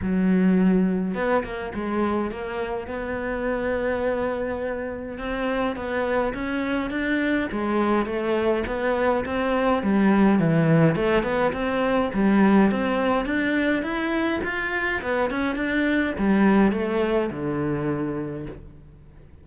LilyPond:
\new Staff \with { instrumentName = "cello" } { \time 4/4 \tempo 4 = 104 fis2 b8 ais8 gis4 | ais4 b2.~ | b4 c'4 b4 cis'4 | d'4 gis4 a4 b4 |
c'4 g4 e4 a8 b8 | c'4 g4 c'4 d'4 | e'4 f'4 b8 cis'8 d'4 | g4 a4 d2 | }